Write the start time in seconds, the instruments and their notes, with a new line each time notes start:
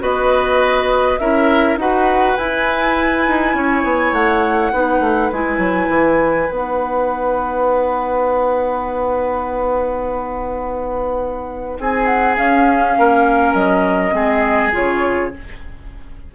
0.00 bassoon B3, clarinet F#4, oboe B4, flute D#5
1.19 bassoon C#4, clarinet E4, oboe A#4, flute E5
1.76 bassoon D#4, clarinet F#4, oboe B4, flute F#5
2.37 bassoon E4, clarinet E4, flute G#5
3.28 bassoon D#4
3.54 bassoon C#4, oboe C#5
3.83 bassoon B3
4.12 bassoon A3, flute F#5
4.73 bassoon B3, clarinet D#4, oboe B4
5.00 bassoon A3
5.32 bassoon G#3, clarinet E4, flute G#5
5.58 bassoon F#3
5.89 bassoon E3
6.50 bassoon B3, clarinet D#4, flute F#5
11.79 bassoon C4, oboe G#4, flute G#5
12.06 flute F#5
12.37 clarinet C#4, bassoon C#4, flute F5
12.99 bassoon A#3, oboe A#4
13.54 bassoon F#3, flute D#5
14.12 bassoon G#3, clarinet C4, oboe G#4
14.72 bassoon C#3, clarinet F4, flute C#5